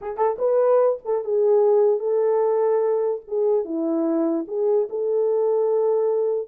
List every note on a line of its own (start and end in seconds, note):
0.01 0.17 G#4
0.17 0.37 A4
0.38 0.99 B4
1.04 1.24 A4
1.24 1.99 G#4
1.99 3.21 A4
3.27 3.64 G#4
3.64 4.45 E4
4.47 4.88 G#4
4.89 6.48 A4